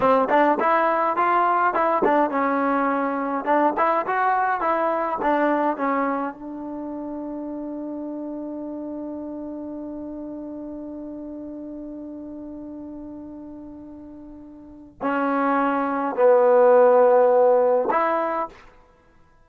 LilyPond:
\new Staff \with { instrumentName = "trombone" } { \time 4/4 \tempo 4 = 104 c'8 d'8 e'4 f'4 e'8 d'8 | cis'2 d'8 e'8 fis'4 | e'4 d'4 cis'4 d'4~ | d'1~ |
d'1~ | d'1~ | d'2 cis'2 | b2. e'4 | }